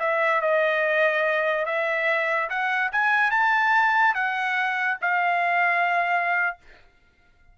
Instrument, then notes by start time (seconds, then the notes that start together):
trumpet
0.00 E5
0.41 D#5
1.66 E5
2.50 F#5
2.92 G#5
3.31 A5
4.15 F#5
5.02 F5